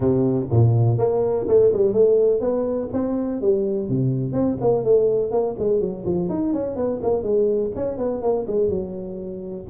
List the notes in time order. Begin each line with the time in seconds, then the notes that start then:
0.00 C3
0.51 A#2
0.98 A#3
1.47 A3
1.72 G3
1.93 A3
2.40 B3
2.92 C4
3.41 G3
3.88 C3
4.32 C4
4.61 A#3
4.84 A3
5.31 A#3
5.59 G#3
5.80 F#3
6.05 F3
6.29 D#4
6.53 C#4
6.75 B3
7.02 A#3
7.22 G#3
7.75 C#4
7.97 B3
8.21 A#3
8.47 G#3
8.69 F#3